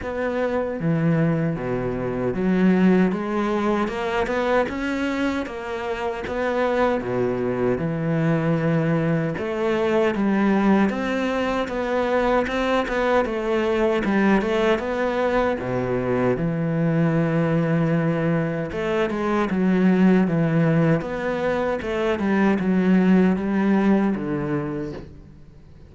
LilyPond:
\new Staff \with { instrumentName = "cello" } { \time 4/4 \tempo 4 = 77 b4 e4 b,4 fis4 | gis4 ais8 b8 cis'4 ais4 | b4 b,4 e2 | a4 g4 c'4 b4 |
c'8 b8 a4 g8 a8 b4 | b,4 e2. | a8 gis8 fis4 e4 b4 | a8 g8 fis4 g4 d4 | }